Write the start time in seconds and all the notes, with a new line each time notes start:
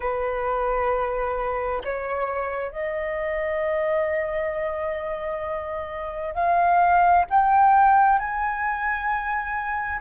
0.00 B4
1.84 C#5
2.71 D#5
6.34 F5
7.30 G5
8.18 G#5